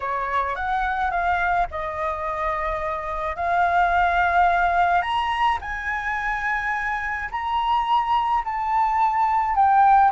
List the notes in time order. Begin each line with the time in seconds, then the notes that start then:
0.00 C#5
0.55 F#5
1.10 F5
1.71 D#5
3.35 F5
5.02 A#5
5.61 G#5
7.31 A#5
8.44 A5
9.55 G5